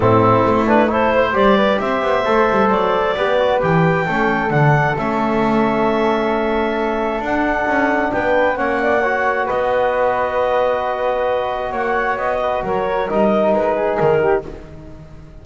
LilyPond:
<<
  \new Staff \with { instrumentName = "clarinet" } { \time 4/4 \tempo 4 = 133 a'4. b'8 c''4 d''4 | e''2 d''2 | g''2 fis''4 e''4~ | e''1 |
fis''2 g''4 fis''4~ | fis''4 dis''2.~ | dis''2 fis''4 dis''4 | cis''4 dis''4 b'4 ais'4 | }
  \new Staff \with { instrumentName = "flute" } { \time 4/4 e'2 a'8 c''4 b'8 | c''2. b'4~ | b'4 a'2.~ | a'1~ |
a'2 b'4 cis''8 d''8 | cis''4 b'2.~ | b'2 cis''4. b'8 | ais'2~ ais'8 gis'4 g'8 | }
  \new Staff \with { instrumentName = "trombone" } { \time 4/4 c'4. d'8 e'4 g'4~ | g'4 a'2 g'8 fis'8 | g'4 cis'4 d'4 cis'4~ | cis'1 |
d'2. cis'4 | fis'1~ | fis'1~ | fis'4 dis'2. | }
  \new Staff \with { instrumentName = "double bass" } { \time 4/4 a,4 a2 g4 | c'8 b8 a8 g8 fis4 b4 | e4 a4 d4 a4~ | a1 |
d'4 cis'4 b4 ais4~ | ais4 b2.~ | b2 ais4 b4 | fis4 g4 gis4 dis4 | }
>>